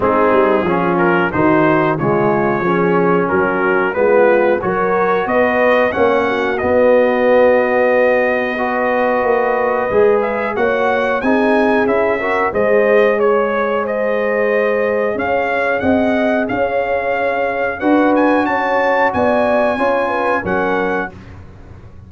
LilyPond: <<
  \new Staff \with { instrumentName = "trumpet" } { \time 4/4 \tempo 4 = 91 gis'4. ais'8 c''4 cis''4~ | cis''4 ais'4 b'4 cis''4 | dis''4 fis''4 dis''2~ | dis''2.~ dis''8 e''8 |
fis''4 gis''4 e''4 dis''4 | cis''4 dis''2 f''4 | fis''4 f''2 fis''8 gis''8 | a''4 gis''2 fis''4 | }
  \new Staff \with { instrumentName = "horn" } { \time 4/4 dis'4 f'4 fis'4 f'4 | gis'4 fis'4 f'4 ais'4 | b'4 cis''8 fis'2~ fis'8~ | fis'4 b'2. |
cis''4 gis'4. ais'8 c''4 | cis''4 c''2 cis''4 | dis''4 cis''2 b'4 | cis''4 d''4 cis''8 b'8 ais'4 | }
  \new Staff \with { instrumentName = "trombone" } { \time 4/4 c'4 cis'4 dis'4 gis4 | cis'2 b4 fis'4~ | fis'4 cis'4 b2~ | b4 fis'2 gis'4 |
fis'4 dis'4 e'8 fis'8 gis'4~ | gis'1~ | gis'2. fis'4~ | fis'2 f'4 cis'4 | }
  \new Staff \with { instrumentName = "tuba" } { \time 4/4 gis8 g8 f4 dis4 cis4 | f4 fis4 gis4 fis4 | b4 ais4 b2~ | b2 ais4 gis4 |
ais4 c'4 cis'4 gis4~ | gis2. cis'4 | c'4 cis'2 d'4 | cis'4 b4 cis'4 fis4 | }
>>